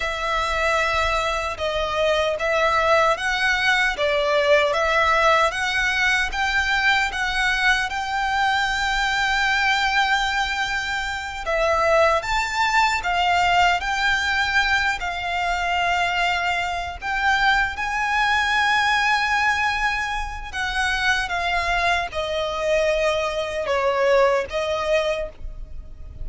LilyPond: \new Staff \with { instrumentName = "violin" } { \time 4/4 \tempo 4 = 76 e''2 dis''4 e''4 | fis''4 d''4 e''4 fis''4 | g''4 fis''4 g''2~ | g''2~ g''8 e''4 a''8~ |
a''8 f''4 g''4. f''4~ | f''4. g''4 gis''4.~ | gis''2 fis''4 f''4 | dis''2 cis''4 dis''4 | }